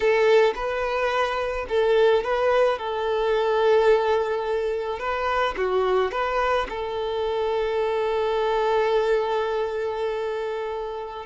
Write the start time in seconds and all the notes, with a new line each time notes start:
0.00 A4
0.55 B4
1.68 A4
2.23 B4
2.78 A4
4.99 B4
5.57 F#4
6.11 B4
6.69 A4